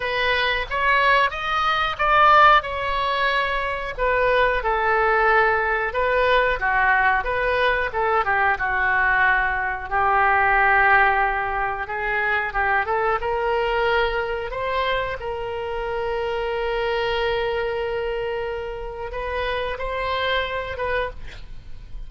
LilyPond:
\new Staff \with { instrumentName = "oboe" } { \time 4/4 \tempo 4 = 91 b'4 cis''4 dis''4 d''4 | cis''2 b'4 a'4~ | a'4 b'4 fis'4 b'4 | a'8 g'8 fis'2 g'4~ |
g'2 gis'4 g'8 a'8 | ais'2 c''4 ais'4~ | ais'1~ | ais'4 b'4 c''4. b'8 | }